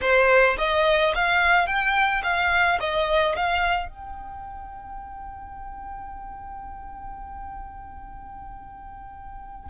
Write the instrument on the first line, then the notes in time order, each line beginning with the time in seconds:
violin
0.01 C5
0.58 D#5
1.14 F5
1.66 G5
2.23 F5
2.80 D#5
3.35 F5
3.89 G5